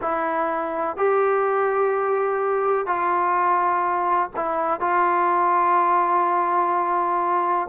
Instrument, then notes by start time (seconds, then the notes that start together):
trombone
0.01 E4
0.96 G4
2.86 F4
4.36 E4
4.80 F4